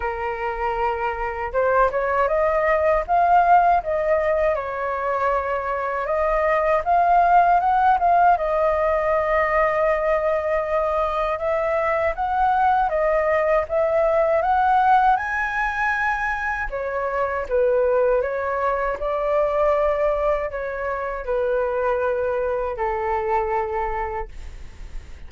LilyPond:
\new Staff \with { instrumentName = "flute" } { \time 4/4 \tempo 4 = 79 ais'2 c''8 cis''8 dis''4 | f''4 dis''4 cis''2 | dis''4 f''4 fis''8 f''8 dis''4~ | dis''2. e''4 |
fis''4 dis''4 e''4 fis''4 | gis''2 cis''4 b'4 | cis''4 d''2 cis''4 | b'2 a'2 | }